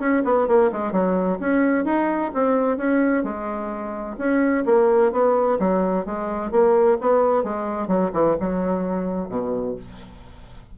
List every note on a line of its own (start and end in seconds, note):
0.00 0.23 C#4
0.25 0.48 B3
0.48 0.71 A#3
0.73 0.92 G#3
0.92 1.39 F#3
1.40 1.85 C#4
1.85 2.32 D#4
2.34 2.78 C4
2.78 3.24 C#4
3.24 4.17 G#3
4.18 4.65 C#4
4.66 5.12 A#3
5.12 5.59 B3
5.60 6.06 F#3
6.06 6.52 G#3
6.52 6.98 A#3
7.01 7.44 B3
7.44 7.88 G#3
7.88 8.11 F#3
8.14 8.37 E3
8.40 9.29 F#3
9.29 9.76 B2